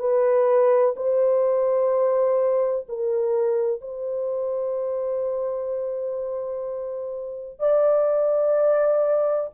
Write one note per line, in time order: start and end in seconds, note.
0.00 0.95 B4
0.97 2.87 C5
2.89 3.82 A#4
3.82 7.60 C5
7.60 9.51 D5